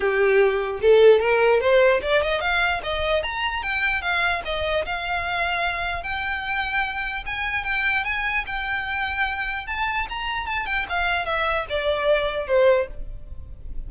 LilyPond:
\new Staff \with { instrumentName = "violin" } { \time 4/4 \tempo 4 = 149 g'2 a'4 ais'4 | c''4 d''8 dis''8 f''4 dis''4 | ais''4 g''4 f''4 dis''4 | f''2. g''4~ |
g''2 gis''4 g''4 | gis''4 g''2. | a''4 ais''4 a''8 g''8 f''4 | e''4 d''2 c''4 | }